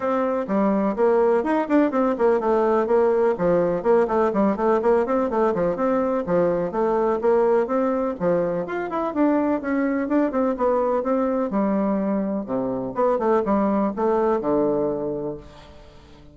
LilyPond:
\new Staff \with { instrumentName = "bassoon" } { \time 4/4 \tempo 4 = 125 c'4 g4 ais4 dis'8 d'8 | c'8 ais8 a4 ais4 f4 | ais8 a8 g8 a8 ais8 c'8 a8 f8 | c'4 f4 a4 ais4 |
c'4 f4 f'8 e'8 d'4 | cis'4 d'8 c'8 b4 c'4 | g2 c4 b8 a8 | g4 a4 d2 | }